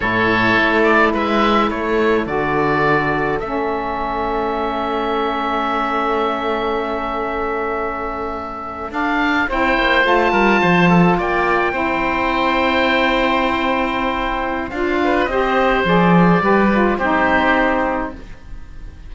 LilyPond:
<<
  \new Staff \with { instrumentName = "oboe" } { \time 4/4 \tempo 4 = 106 cis''4. d''8 e''4 cis''4 | d''2 e''2~ | e''1~ | e''2.~ e''8. f''16~ |
f''8. g''4 a''2 g''16~ | g''1~ | g''2 f''4 dis''4 | d''2 c''2 | }
  \new Staff \with { instrumentName = "oboe" } { \time 4/4 a'2 b'4 a'4~ | a'1~ | a'1~ | a'1~ |
a'8. c''4. ais'8 c''8 a'8 d''16~ | d''8. c''2.~ c''16~ | c''2~ c''8 b'8 c''4~ | c''4 b'4 g'2 | }
  \new Staff \with { instrumentName = "saxophone" } { \time 4/4 e'1 | fis'2 cis'2~ | cis'1~ | cis'2.~ cis'8. d'16~ |
d'8. e'4 f'2~ f'16~ | f'8. e'2.~ e'16~ | e'2 f'4 g'4 | gis'4 g'8 f'8 dis'2 | }
  \new Staff \with { instrumentName = "cello" } { \time 4/4 a,4 a4 gis4 a4 | d2 a2~ | a1~ | a2.~ a8. d'16~ |
d'8. c'8 ais8 a8 g8 f4 ais16~ | ais8. c'2.~ c'16~ | c'2 d'4 c'4 | f4 g4 c'2 | }
>>